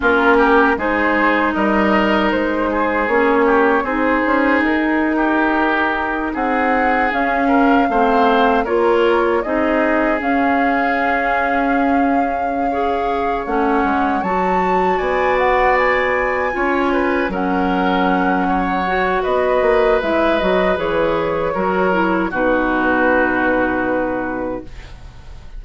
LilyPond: <<
  \new Staff \with { instrumentName = "flute" } { \time 4/4 \tempo 4 = 78 ais'4 c''4 dis''4 c''4 | cis''4 c''4 ais'2~ | ais'16 fis''4 f''2 cis''8.~ | cis''16 dis''4 f''2~ f''8.~ |
f''4. fis''4 a''4 gis''8 | fis''8 gis''2 fis''4.~ | fis''4 dis''4 e''8 dis''8 cis''4~ | cis''4 b'2. | }
  \new Staff \with { instrumentName = "oboe" } { \time 4/4 f'8 g'8 gis'4 ais'4. gis'8~ | gis'8 g'8 gis'4.~ gis'16 g'4~ g'16~ | g'16 gis'4. ais'8 c''4 ais'8.~ | ais'16 gis'2.~ gis'8.~ |
gis'8 cis''2. d''8~ | d''4. cis''8 b'8 ais'4. | cis''4 b'2. | ais'4 fis'2. | }
  \new Staff \with { instrumentName = "clarinet" } { \time 4/4 cis'4 dis'2. | cis'4 dis'2.~ | dis'4~ dis'16 cis'4 c'4 f'8.~ | f'16 dis'4 cis'2~ cis'8.~ |
cis'8 gis'4 cis'4 fis'4.~ | fis'4. f'4 cis'4.~ | cis'8 fis'4. e'8 fis'8 gis'4 | fis'8 e'8 dis'2. | }
  \new Staff \with { instrumentName = "bassoon" } { \time 4/4 ais4 gis4 g4 gis4 | ais4 c'8 cis'8 dis'2~ | dis'16 c'4 cis'4 a4 ais8.~ | ais16 c'4 cis'2~ cis'8.~ |
cis'4. a8 gis8 fis4 b8~ | b4. cis'4 fis4.~ | fis4 b8 ais8 gis8 fis8 e4 | fis4 b,2. | }
>>